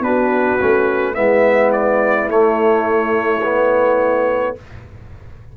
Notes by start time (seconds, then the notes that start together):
0.00 B3 D4 F#4 B4
0.61 A3 C#4
1.15 G#3 B3 E4 E5
1.73 D5
2.28 A3 C#5
3.43 B3